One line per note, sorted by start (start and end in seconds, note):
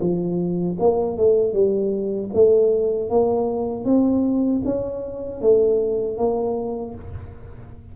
0.00 0.77 F3
0.79 1.17 A#3
1.17 1.53 A3
1.53 2.30 G3
2.33 3.09 A3
3.09 3.85 A#3
3.85 4.62 C4
4.65 5.41 C#4
5.41 6.17 A3
6.17 6.94 A#3